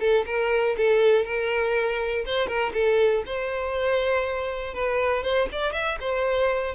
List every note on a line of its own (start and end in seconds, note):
0.00 0.25 A4
0.26 0.76 A#4
0.77 1.25 A4
1.25 2.25 A#4
2.25 2.47 C5
2.47 2.72 A#4
2.73 3.23 A4
3.26 4.74 C5
4.74 5.23 B4
5.23 5.48 C5
5.52 5.73 D5
5.73 5.98 E5
6.00 6.75 C5